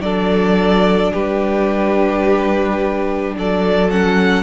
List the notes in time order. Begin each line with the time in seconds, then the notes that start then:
0.00 F#3 D4 A4 D5
1.12 G3 G4 B4
3.37 F#3 A4 D5
3.91 C#4 F#5